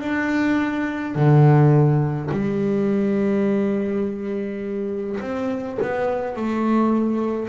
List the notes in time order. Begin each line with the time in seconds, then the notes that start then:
0.00 D4
1.15 D3
2.31 G3
5.21 C4
5.82 B3
6.36 A3